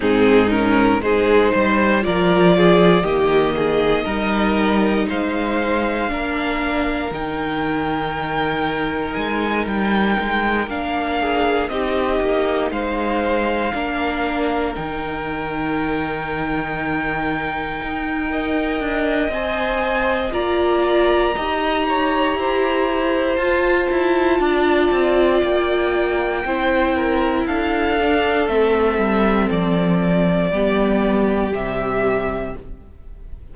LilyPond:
<<
  \new Staff \with { instrumentName = "violin" } { \time 4/4 \tempo 4 = 59 gis'8 ais'8 c''4 d''4 dis''4~ | dis''4 f''2 g''4~ | g''4 gis''8 g''4 f''4 dis''8~ | dis''8 f''2 g''4.~ |
g''2. gis''4 | ais''2. a''4~ | a''4 g''2 f''4 | e''4 d''2 e''4 | }
  \new Staff \with { instrumentName = "violin" } { \time 4/4 dis'4 gis'8 c''8 ais'8 gis'8 g'8 gis'8 | ais'4 c''4 ais'2~ | ais'2. gis'8 g'8~ | g'8 c''4 ais'2~ ais'8~ |
ais'2 dis''2 | d''4 dis''8 cis''8 c''2 | d''2 c''8 ais'8 a'4~ | a'2 g'2 | }
  \new Staff \with { instrumentName = "viola" } { \time 4/4 c'8 cis'8 dis'4 f'4 ais4 | dis'2 d'4 dis'4~ | dis'2~ dis'8 d'4 dis'8~ | dis'4. d'4 dis'4.~ |
dis'2 ais'4 c''4 | f'4 g'2 f'4~ | f'2 e'4. d'8 | c'2 b4 g4 | }
  \new Staff \with { instrumentName = "cello" } { \time 4/4 gis,4 gis8 g8 f4 dis4 | g4 gis4 ais4 dis4~ | dis4 gis8 g8 gis8 ais4 c'8 | ais8 gis4 ais4 dis4.~ |
dis4. dis'4 d'8 c'4 | ais4 dis'4 e'4 f'8 e'8 | d'8 c'8 ais4 c'4 d'4 | a8 g8 f4 g4 c4 | }
>>